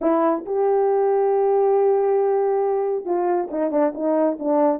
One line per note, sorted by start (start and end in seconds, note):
0.01 0.45 E4
0.45 3.05 G4
3.05 3.49 F4
3.50 3.71 D#4
3.71 3.93 D4
3.94 4.38 D#4
4.39 4.80 D4